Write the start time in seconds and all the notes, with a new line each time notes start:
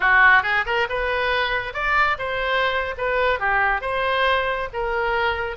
0.00 F#4
0.42 G#4
0.65 A#4
0.89 B4
1.73 D5
2.18 C5
2.97 B4
3.39 G4
3.81 C5
4.73 A#4